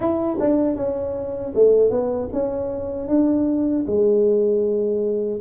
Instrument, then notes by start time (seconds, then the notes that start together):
tuba
0.00 E4
0.40 D4
0.76 C#4
1.55 A3
1.90 B3
2.32 C#4
3.08 D4
3.86 G#3